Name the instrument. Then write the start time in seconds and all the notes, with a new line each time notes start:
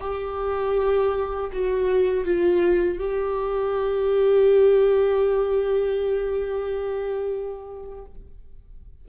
viola
0.00 G4
1.52 F#4
2.25 F4
2.98 G4